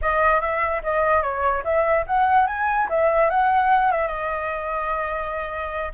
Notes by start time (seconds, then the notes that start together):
0.01 D#5
0.40 E5
0.83 D#5
1.22 C#5
1.63 E5
2.07 F#5
2.47 G#5
2.89 E5
3.30 F#5
3.91 E5
4.07 D#5